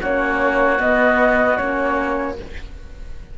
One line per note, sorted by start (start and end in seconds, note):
0.00 0.80 A#3
0.00 0.79 C#4
0.00 2.37 F#4
0.00 0.80 C#5
0.79 1.58 B3
0.79 1.59 B3
0.79 1.57 D#5
1.57 2.38 A#3
1.57 2.37 C#4
1.57 2.36 C#5